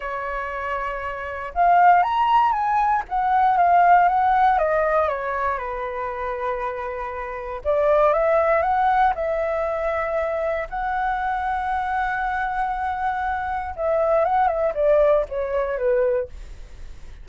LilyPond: \new Staff \with { instrumentName = "flute" } { \time 4/4 \tempo 4 = 118 cis''2. f''4 | ais''4 gis''4 fis''4 f''4 | fis''4 dis''4 cis''4 b'4~ | b'2. d''4 |
e''4 fis''4 e''2~ | e''4 fis''2.~ | fis''2. e''4 | fis''8 e''8 d''4 cis''4 b'4 | }